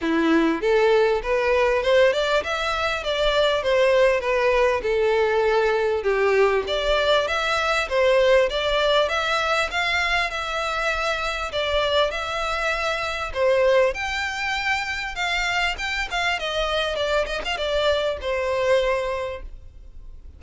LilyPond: \new Staff \with { instrumentName = "violin" } { \time 4/4 \tempo 4 = 99 e'4 a'4 b'4 c''8 d''8 | e''4 d''4 c''4 b'4 | a'2 g'4 d''4 | e''4 c''4 d''4 e''4 |
f''4 e''2 d''4 | e''2 c''4 g''4~ | g''4 f''4 g''8 f''8 dis''4 | d''8 dis''16 f''16 d''4 c''2 | }